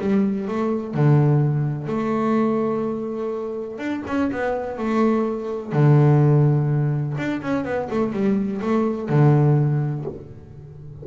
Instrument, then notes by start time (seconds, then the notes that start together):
double bass
0.00 G3
0.48 A3
0.94 D3
1.87 A3
3.78 D4
4.07 C#4
4.31 B3
4.78 A3
5.73 D3
7.17 D4
7.41 C#4
7.65 B3
7.90 A3
8.12 G3
8.61 A3
9.09 D3